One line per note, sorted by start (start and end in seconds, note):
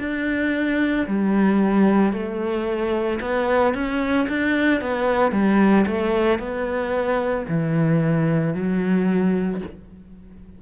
0.00 1.07 D4
1.07 2.13 G3
2.13 3.20 A3
3.21 3.75 B3
3.75 4.28 C#4
4.29 4.81 D4
4.81 5.32 B3
5.32 5.86 G3
5.87 6.39 A3
6.39 7.47 B3
7.49 8.55 E3
8.55 9.62 F#3